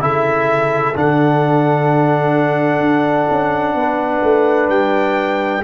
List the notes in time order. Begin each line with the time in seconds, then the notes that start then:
0.00 C#3 E4 A4 E5
0.94 D3 D4 F#5
2.80 D4
3.30 C#4
3.74 B3 B4
4.23 A3
4.69 G3 G5